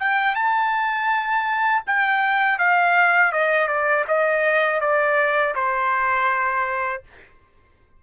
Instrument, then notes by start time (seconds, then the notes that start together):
trumpet
0.00 G5
0.35 A5
1.87 G5
2.59 F5
3.33 D#5
3.68 D5
4.08 D#5
4.81 D5
5.55 C5